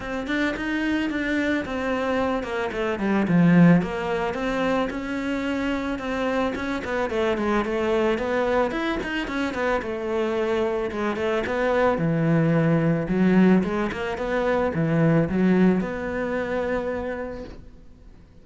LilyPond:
\new Staff \with { instrumentName = "cello" } { \time 4/4 \tempo 4 = 110 c'8 d'8 dis'4 d'4 c'4~ | c'8 ais8 a8 g8 f4 ais4 | c'4 cis'2 c'4 | cis'8 b8 a8 gis8 a4 b4 |
e'8 dis'8 cis'8 b8 a2 | gis8 a8 b4 e2 | fis4 gis8 ais8 b4 e4 | fis4 b2. | }